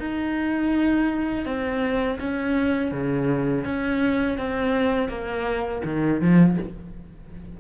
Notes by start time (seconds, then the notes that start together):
0.00 D#4
1.46 C4
2.20 C#4
2.92 C#3
3.65 C#4
4.38 C4
5.09 A#3
5.85 D#3
6.21 F3